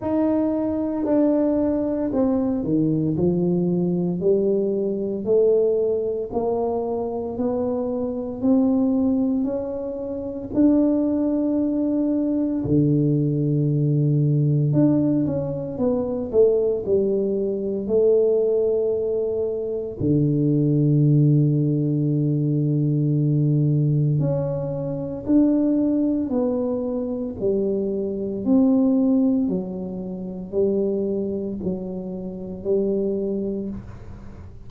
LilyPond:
\new Staff \with { instrumentName = "tuba" } { \time 4/4 \tempo 4 = 57 dis'4 d'4 c'8 dis8 f4 | g4 a4 ais4 b4 | c'4 cis'4 d'2 | d2 d'8 cis'8 b8 a8 |
g4 a2 d4~ | d2. cis'4 | d'4 b4 g4 c'4 | fis4 g4 fis4 g4 | }